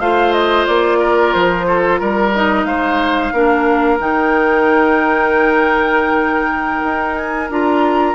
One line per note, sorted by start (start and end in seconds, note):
0.00 0.67 A3
0.00 2.34 F4
0.00 0.99 C5
0.00 0.33 F5
0.33 0.66 D#5
0.67 1.35 A#3
0.67 1.33 D5
0.99 1.66 A#4
1.33 2.01 F3
1.33 1.98 C5
1.67 2.00 A4
1.98 2.65 G3
1.98 2.31 A#4
1.98 2.67 A#4
2.35 3.34 D#4
2.35 2.65 D#5
2.65 3.32 G#3
2.65 3.34 C5
2.65 3.98 F5
3.33 4.00 A#3
3.33 3.99 D4
3.33 8.15 A#4
3.99 6.83 D#3
3.99 7.49 D#4
3.99 7.16 G5
6.84 7.50 D#4
7.16 7.49 G#5
7.50 8.15 D4
7.50 8.15 F4
7.50 8.15 A#5